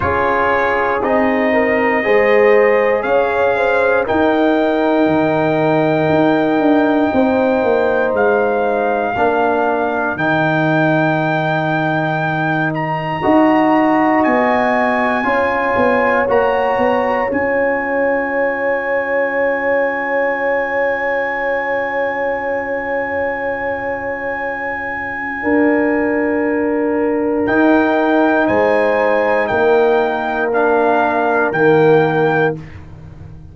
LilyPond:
<<
  \new Staff \with { instrumentName = "trumpet" } { \time 4/4 \tempo 4 = 59 cis''4 dis''2 f''4 | g''1 | f''2 g''2~ | g''8 ais''4. gis''2 |
ais''4 gis''2.~ | gis''1~ | gis''2. g''4 | gis''4 g''4 f''4 g''4 | }
  \new Staff \with { instrumentName = "horn" } { \time 4/4 gis'4. ais'8 c''4 cis''8 c''8 | ais'2. c''4~ | c''4 ais'2.~ | ais'4 dis''2 cis''4~ |
cis''1~ | cis''1~ | cis''4 ais'2. | c''4 ais'2. | }
  \new Staff \with { instrumentName = "trombone" } { \time 4/4 f'4 dis'4 gis'2 | dis'1~ | dis'4 d'4 dis'2~ | dis'4 fis'2 f'4 |
fis'4 f'2.~ | f'1~ | f'2. dis'4~ | dis'2 d'4 ais4 | }
  \new Staff \with { instrumentName = "tuba" } { \time 4/4 cis'4 c'4 gis4 cis'4 | dis'4 dis4 dis'8 d'8 c'8 ais8 | gis4 ais4 dis2~ | dis4 dis'4 b4 cis'8 b8 |
ais8 b8 cis'2.~ | cis'1~ | cis'4 d'2 dis'4 | gis4 ais2 dis4 | }
>>